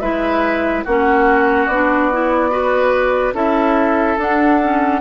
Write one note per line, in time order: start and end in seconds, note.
0.00 0.84 G#3
0.00 0.85 E4
0.00 0.85 B4
0.00 0.83 E5
0.85 1.67 A#3
0.85 1.71 C#4
0.85 2.51 F#4
0.85 1.67 F#5
1.67 3.34 B3
1.67 2.13 D4
1.67 3.34 D5
2.13 2.51 E4
2.51 3.34 F#4
2.51 3.35 B4
3.34 4.17 C#4
3.34 4.18 E4
3.34 5.01 A4
3.34 4.19 E5
4.18 5.01 D4
4.18 4.61 D4
4.18 5.01 F#5
4.62 5.01 C#4